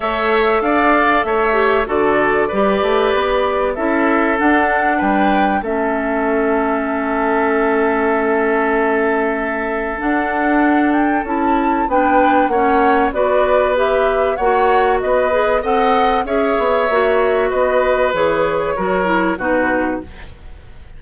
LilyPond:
<<
  \new Staff \with { instrumentName = "flute" } { \time 4/4 \tempo 4 = 96 e''4 f''4 e''4 d''4~ | d''2 e''4 fis''4 | g''4 e''2.~ | e''1 |
fis''4. g''8 a''4 g''4 | fis''4 d''4 e''4 fis''4 | dis''4 fis''4 e''2 | dis''4 cis''2 b'4 | }
  \new Staff \with { instrumentName = "oboe" } { \time 4/4 cis''4 d''4 cis''4 a'4 | b'2 a'2 | b'4 a'2.~ | a'1~ |
a'2. b'4 | cis''4 b'2 cis''4 | b'4 dis''4 cis''2 | b'2 ais'4 fis'4 | }
  \new Staff \with { instrumentName = "clarinet" } { \time 4/4 a'2~ a'8 g'8 fis'4 | g'2 e'4 d'4~ | d'4 cis'2.~ | cis'1 |
d'2 e'4 d'4 | cis'4 fis'4 g'4 fis'4~ | fis'8 gis'8 a'4 gis'4 fis'4~ | fis'4 gis'4 fis'8 e'8 dis'4 | }
  \new Staff \with { instrumentName = "bassoon" } { \time 4/4 a4 d'4 a4 d4 | g8 a8 b4 cis'4 d'4 | g4 a2.~ | a1 |
d'2 cis'4 b4 | ais4 b2 ais4 | b4 c'4 cis'8 b8 ais4 | b4 e4 fis4 b,4 | }
>>